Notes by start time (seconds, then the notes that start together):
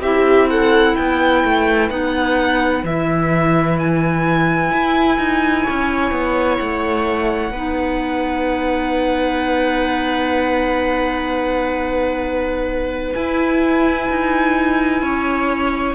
0.00 C4 E4 G4 E5
0.50 A4 F#5
0.96 B3 B4 G5
1.44 A3
1.90 B3 D#4 F#5
2.84 E3 E4 E5
3.79 G#5
4.71 E4
5.18 D#4
5.64 C#4 C#5
6.12 B3
6.57 A3 F#5
7.51 B3 D#4 B4
13.14 E4 G#5
14.10 D#4
15.02 C#4 C#5